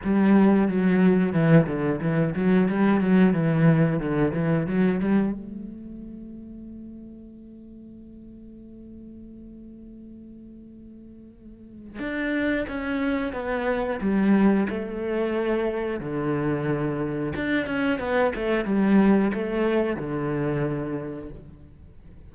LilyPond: \new Staff \with { instrumentName = "cello" } { \time 4/4 \tempo 4 = 90 g4 fis4 e8 d8 e8 fis8 | g8 fis8 e4 d8 e8 fis8 g8 | a1~ | a1~ |
a2 d'4 cis'4 | b4 g4 a2 | d2 d'8 cis'8 b8 a8 | g4 a4 d2 | }